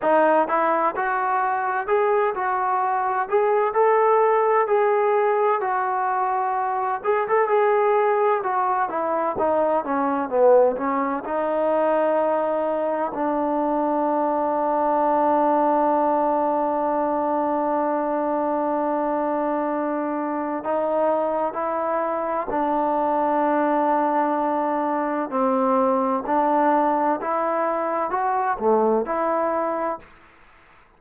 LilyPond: \new Staff \with { instrumentName = "trombone" } { \time 4/4 \tempo 4 = 64 dis'8 e'8 fis'4 gis'8 fis'4 gis'8 | a'4 gis'4 fis'4. gis'16 a'16 | gis'4 fis'8 e'8 dis'8 cis'8 b8 cis'8 | dis'2 d'2~ |
d'1~ | d'2 dis'4 e'4 | d'2. c'4 | d'4 e'4 fis'8 a8 e'4 | }